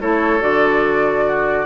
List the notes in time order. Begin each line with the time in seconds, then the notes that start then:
0.00 A3 E4 A4 C#5
0.39 D3 F#4 D5
1.26 F#4